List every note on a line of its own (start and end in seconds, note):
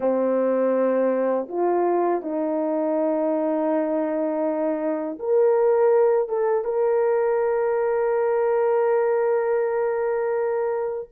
0.00 1.47 C4
1.48 2.22 F4
2.22 5.18 D#4
5.19 6.29 A#4
6.29 6.64 A4
6.64 11.08 A#4